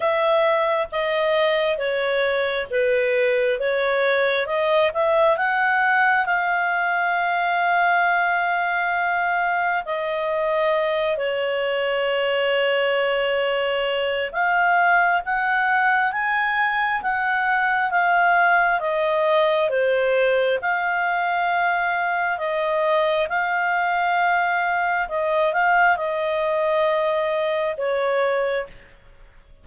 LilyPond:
\new Staff \with { instrumentName = "clarinet" } { \time 4/4 \tempo 4 = 67 e''4 dis''4 cis''4 b'4 | cis''4 dis''8 e''8 fis''4 f''4~ | f''2. dis''4~ | dis''8 cis''2.~ cis''8 |
f''4 fis''4 gis''4 fis''4 | f''4 dis''4 c''4 f''4~ | f''4 dis''4 f''2 | dis''8 f''8 dis''2 cis''4 | }